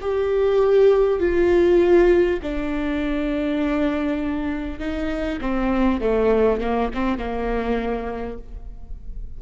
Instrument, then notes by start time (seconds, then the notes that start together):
viola
0.00 G4
1.19 F4
2.42 D4
4.79 D#4
5.41 C4
6.01 A3
6.60 A#3
6.93 C4
7.18 A#3